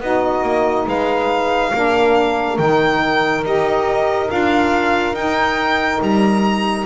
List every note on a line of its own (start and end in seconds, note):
0.00 0.43 B3
0.00 1.72 D#4
0.00 0.86 F#4
0.00 0.89 D#5
0.43 0.86 A#3
0.86 1.72 G#3
0.86 1.72 B4
0.86 2.58 F5
1.72 2.58 A#3
1.72 2.59 D4
1.72 6.86 A#4
2.58 3.44 D#3
2.58 3.44 D#4
2.58 3.44 G5
3.44 4.29 D#4
3.44 4.28 G4
3.44 4.31 D#5
4.28 5.13 D4
4.28 5.14 F4
4.28 5.15 F5
5.13 5.99 D#4
5.13 6.86 D#4
5.13 6.01 G5
6.01 6.86 G3
6.01 6.86 A#5